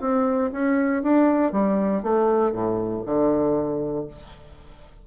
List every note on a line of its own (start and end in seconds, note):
0.00 0.51 C4
0.52 1.02 C#4
1.02 1.52 D4
1.52 2.02 G3
2.02 2.52 A3
2.52 3.03 A2
3.05 4.07 D3